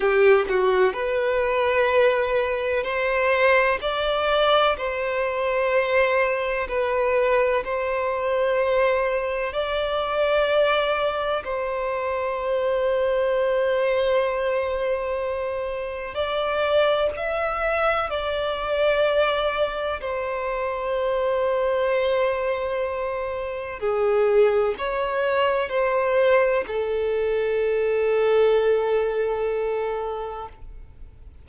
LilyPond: \new Staff \with { instrumentName = "violin" } { \time 4/4 \tempo 4 = 63 g'8 fis'8 b'2 c''4 | d''4 c''2 b'4 | c''2 d''2 | c''1~ |
c''4 d''4 e''4 d''4~ | d''4 c''2.~ | c''4 gis'4 cis''4 c''4 | a'1 | }